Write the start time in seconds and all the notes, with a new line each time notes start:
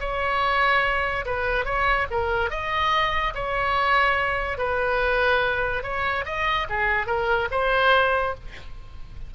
0.00 C#5
1.25 B4
1.65 C#5
2.11 A#4
2.50 D#5
3.34 C#5
4.58 B4
5.83 C#5
6.25 D#5
6.69 G#4
7.06 A#4
7.51 C5